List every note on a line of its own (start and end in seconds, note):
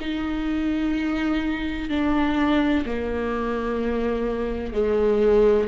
0.00 1.89 D#4
1.89 2.84 D4
2.85 4.73 A#3
4.73 5.68 G#3